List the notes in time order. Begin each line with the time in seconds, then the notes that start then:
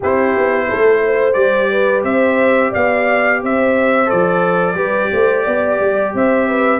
0.00 C4 E4 G4 C5
0.37 B3
0.69 A3 A4
1.05 C5
1.33 G3 G4 D5
1.71 B4
2.03 C4 C5 E5
2.70 B3 D5 F5
3.41 C4 C5 E5
4.06 F3 A4 D5
4.74 G3 G4 B4
5.11 A3 C5
5.43 B3 D5
5.80 G3
6.14 C4 C5 E5
6.48 B4